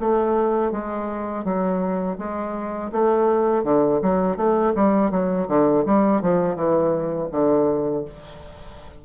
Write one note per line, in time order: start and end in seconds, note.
0.00 0.72 A3
0.72 1.44 G#3
1.44 2.18 F#3
2.18 2.91 G#3
2.92 3.64 A3
3.64 4.00 D3
4.02 4.37 F#3
4.37 4.73 A3
4.75 5.11 G3
5.11 5.47 F#3
5.48 5.84 D3
5.85 6.22 G3
6.22 6.56 F3
6.56 7.29 E3
7.31 8.05 D3